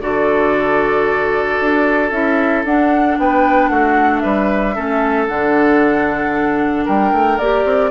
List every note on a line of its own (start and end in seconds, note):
0.00 1.58 D3
0.00 2.12 F#4
0.00 3.18 A4
0.00 2.11 D5
1.61 2.11 D4
2.11 2.64 C#4
2.11 2.64 E4
2.11 2.63 E5
2.64 3.17 D4
2.64 4.75 D4
2.64 3.18 F#5
3.19 3.70 B3
3.19 3.71 B4
3.19 3.68 G5
3.68 4.22 A3
3.68 4.23 F#4
3.68 4.20 F#5
4.20 4.77 G3
4.20 4.75 B4
4.20 5.25 E5
4.75 5.29 A3
4.75 5.28 C#4
4.75 6.85 A4
5.27 6.87 D3
5.27 7.38 D4
5.27 6.85 F#5
6.85 7.12 G3
6.85 7.90 A#4
6.85 7.38 G5
7.12 7.38 A3
7.38 7.65 A#3
7.38 7.90 G4
7.38 7.90 D5
7.65 7.90 C4